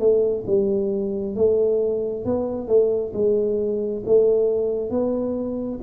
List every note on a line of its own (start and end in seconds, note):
0.00 0.45 A3
0.47 1.36 G3
1.36 2.26 A3
2.26 2.68 B3
2.68 3.13 A3
3.14 4.03 G#3
4.06 4.91 A3
4.91 5.80 B3